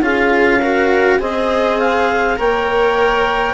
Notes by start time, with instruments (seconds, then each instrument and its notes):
0.00 bassoon C#4, cello F4, viola G#4, clarinet F5
0.59 cello F#4, viola A#4
1.19 bassoon C4, cello G#4, viola C5, clarinet D#5
1.79 clarinet F5
2.36 bassoon A#3, cello A#4, viola C#5, clarinet G5